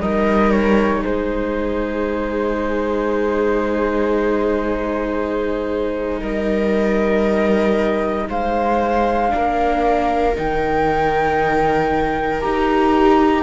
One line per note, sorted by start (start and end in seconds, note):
0.00 1.03 G3
0.00 9.29 D#4
0.00 1.02 A#4
0.00 0.51 D#5
0.51 1.03 C#5
1.02 6.22 G#3
1.02 6.19 G#4
1.02 6.21 C5
6.20 8.28 G3
6.20 8.27 A#4
6.20 8.29 D#5
8.29 9.33 G#3
8.29 9.33 C5
8.29 10.37 F5
9.29 10.37 A#3
9.29 10.32 D4
9.35 13.43 A#4
10.35 12.45 D#3
10.35 12.42 D#4
10.35 12.40 G5
12.40 13.43 D#4
12.40 13.43 G4
12.40 13.43 A#5